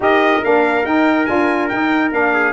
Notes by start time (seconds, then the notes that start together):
0.00 D#4 G4 A#4 D#5
0.42 A#3 D4 F5
0.84 D#4 G5
1.26 D4 F4 G#5
1.68 D#4 G5
2.11 A#3 D4 F5
2.33 G#4